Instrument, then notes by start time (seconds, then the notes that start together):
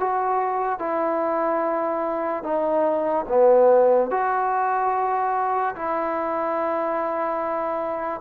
trombone
0.00 F#4
0.80 E4
2.44 D#4
3.29 B3
4.11 F#4
5.76 E4